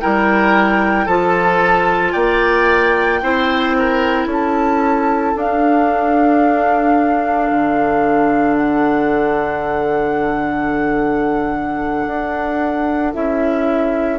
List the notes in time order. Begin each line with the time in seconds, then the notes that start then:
0.00 G3 E4 A#4 G5
1.05 F3 F4 A4 A5
2.12 A#3 D5 G5
3.22 C4 E4 C5
3.78 A#4
4.26 C#4 A4
4.32 A5
5.36 D4 F5
7.50 D3
8.57 F#5
12.06 D4
13.13 C#4 E4 E5